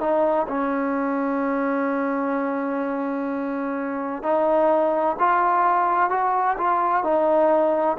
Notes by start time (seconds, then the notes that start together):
0.00 D#4
0.48 C#4
4.23 D#4
5.19 F4
6.10 F#4
6.58 F4
7.04 D#4